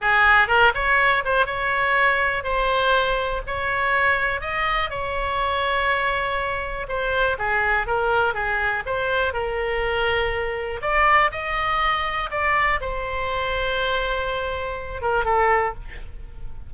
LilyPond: \new Staff \with { instrumentName = "oboe" } { \time 4/4 \tempo 4 = 122 gis'4 ais'8 cis''4 c''8 cis''4~ | cis''4 c''2 cis''4~ | cis''4 dis''4 cis''2~ | cis''2 c''4 gis'4 |
ais'4 gis'4 c''4 ais'4~ | ais'2 d''4 dis''4~ | dis''4 d''4 c''2~ | c''2~ c''8 ais'8 a'4 | }